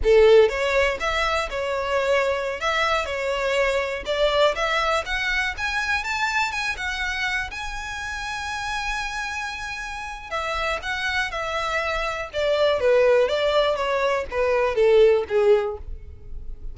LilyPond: \new Staff \with { instrumentName = "violin" } { \time 4/4 \tempo 4 = 122 a'4 cis''4 e''4 cis''4~ | cis''4~ cis''16 e''4 cis''4.~ cis''16~ | cis''16 d''4 e''4 fis''4 gis''8.~ | gis''16 a''4 gis''8 fis''4. gis''8.~ |
gis''1~ | gis''4 e''4 fis''4 e''4~ | e''4 d''4 b'4 d''4 | cis''4 b'4 a'4 gis'4 | }